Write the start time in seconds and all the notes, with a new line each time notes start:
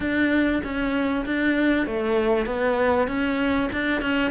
0.00 D4
0.63 C#4
1.25 D4
1.86 A3
2.46 B3
3.07 C#4
3.72 D4
4.01 C#4